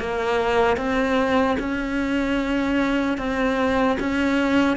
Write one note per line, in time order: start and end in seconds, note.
0.00 0.77 A#3
0.77 1.57 C4
1.60 3.18 C#4
3.18 3.98 C4
4.00 4.77 C#4